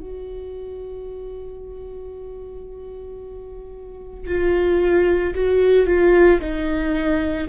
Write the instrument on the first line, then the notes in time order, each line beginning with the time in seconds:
viola
0.00 F#4
4.27 F4
5.35 F#4
5.87 F4
6.41 D#4